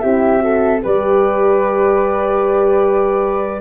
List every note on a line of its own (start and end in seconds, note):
0.00 0.84 C4
0.00 0.39 E4
0.00 0.43 G4
0.00 0.80 E5
0.39 0.79 F#4
0.39 0.83 A4
0.83 3.62 G3
0.83 3.62 G4
0.83 3.62 B4
0.83 3.62 D5